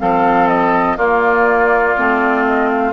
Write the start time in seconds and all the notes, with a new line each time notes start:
0.00 F3 C4 A4 F5
0.48 D#5
0.97 A#3 F4 D5
1.98 A3 C4
2.46 D#5
2.72 F5